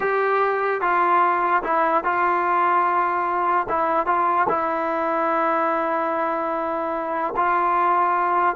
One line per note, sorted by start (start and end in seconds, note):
0.00 0.81 G4
0.81 1.62 F4
1.63 2.04 E4
2.04 3.67 F4
3.68 4.06 E4
4.06 4.47 F4
4.48 7.34 E4
7.36 8.55 F4